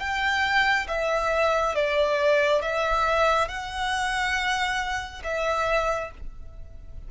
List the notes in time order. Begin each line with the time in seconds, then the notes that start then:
0.00 G5
0.88 E5
1.75 D5
2.62 E5
3.49 F#5
5.24 E5